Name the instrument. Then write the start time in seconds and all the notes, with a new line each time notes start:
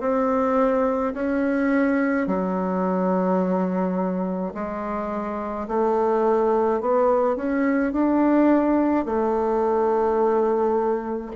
bassoon
0.00 C4
1.14 C#4
2.27 F#3
4.54 G#3
5.68 A3
6.80 B3
7.36 C#4
7.92 D4
9.05 A3